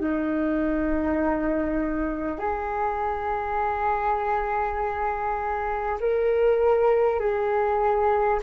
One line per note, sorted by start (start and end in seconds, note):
0.00 2.39 D#4
2.39 5.99 G#4
6.00 7.19 A#4
7.19 8.39 G#4